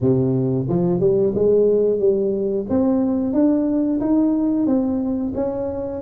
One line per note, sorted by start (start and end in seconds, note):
0.00 0.67 C3
0.68 1.00 F3
1.00 1.33 G3
1.34 1.99 G#3
1.99 2.65 G3
2.69 3.33 C4
3.33 3.99 D4
4.00 4.66 D#4
4.66 5.32 C4
5.35 6.01 C#4